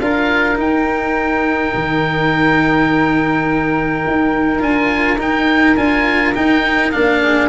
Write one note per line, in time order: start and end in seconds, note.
0.00 0.58 D4
0.00 0.56 F4
0.00 7.23 A#4
0.00 0.58 F5
0.56 4.60 D#4
0.56 1.74 D#4
0.56 4.63 G5
1.75 4.06 D#3
4.07 4.62 D#4
4.60 5.18 D4
4.60 5.17 F4
4.60 5.21 G#5
5.18 5.75 D#4
5.18 5.77 D#4
5.18 5.77 G5
5.77 6.35 D4
5.77 6.34 F4
5.77 6.35 G#5
6.35 6.93 D#4
6.35 6.95 D#4
6.35 6.92 G5
6.92 7.49 A#3
6.92 7.49 D4
6.92 7.49 F5
7.23 7.49 G#4